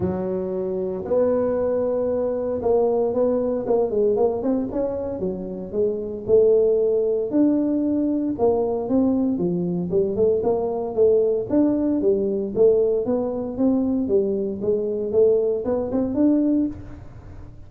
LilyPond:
\new Staff \with { instrumentName = "tuba" } { \time 4/4 \tempo 4 = 115 fis2 b2~ | b4 ais4 b4 ais8 gis8 | ais8 c'8 cis'4 fis4 gis4 | a2 d'2 |
ais4 c'4 f4 g8 a8 | ais4 a4 d'4 g4 | a4 b4 c'4 g4 | gis4 a4 b8 c'8 d'4 | }